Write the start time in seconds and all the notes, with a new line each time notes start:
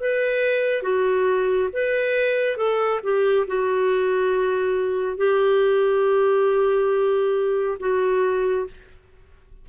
0.00 B4
0.82 F#4
1.73 B4
2.57 A4
3.03 G4
3.47 F#4
5.17 G4
7.79 F#4